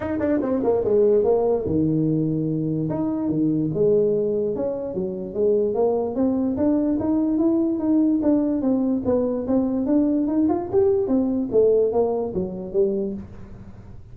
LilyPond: \new Staff \with { instrumentName = "tuba" } { \time 4/4 \tempo 4 = 146 dis'8 d'8 c'8 ais8 gis4 ais4 | dis2. dis'4 | dis4 gis2 cis'4 | fis4 gis4 ais4 c'4 |
d'4 dis'4 e'4 dis'4 | d'4 c'4 b4 c'4 | d'4 dis'8 f'8 g'4 c'4 | a4 ais4 fis4 g4 | }